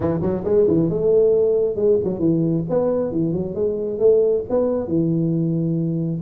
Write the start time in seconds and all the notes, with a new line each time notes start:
0.00 E3
0.21 F#3
0.44 G#3
0.67 E3
0.89 A3
1.76 G#3
2.04 F#3
2.19 E3
2.69 B3
3.11 E3
3.33 F#3
3.55 G#3
3.99 A3
4.49 B3
4.87 E3